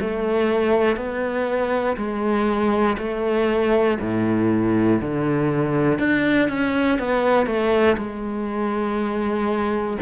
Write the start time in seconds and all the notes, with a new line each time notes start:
0.00 A3
0.96 B3
1.96 G#3
2.98 A3
4.00 A2
5.01 D3
5.98 D4
6.48 C#4
6.99 B3
7.46 A3
7.97 G#3